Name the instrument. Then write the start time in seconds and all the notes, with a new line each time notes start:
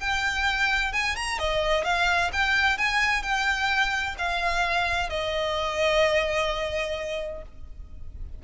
violin
0.00 G5
0.93 G#5
1.16 A#5
1.39 D#5
1.85 F5
2.33 G5
2.78 G#5
3.23 G5
4.19 F5
5.10 D#5